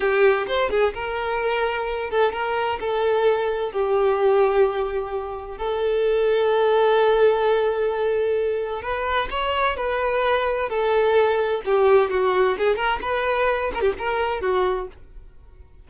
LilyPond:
\new Staff \with { instrumentName = "violin" } { \time 4/4 \tempo 4 = 129 g'4 c''8 gis'8 ais'2~ | ais'8 a'8 ais'4 a'2 | g'1 | a'1~ |
a'2. b'4 | cis''4 b'2 a'4~ | a'4 g'4 fis'4 gis'8 ais'8 | b'4. ais'16 g'16 ais'4 fis'4 | }